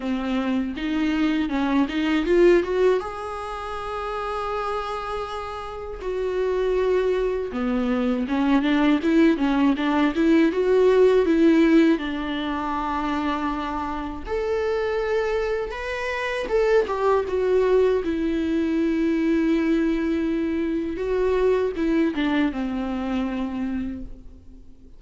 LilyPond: \new Staff \with { instrumentName = "viola" } { \time 4/4 \tempo 4 = 80 c'4 dis'4 cis'8 dis'8 f'8 fis'8 | gis'1 | fis'2 b4 cis'8 d'8 | e'8 cis'8 d'8 e'8 fis'4 e'4 |
d'2. a'4~ | a'4 b'4 a'8 g'8 fis'4 | e'1 | fis'4 e'8 d'8 c'2 | }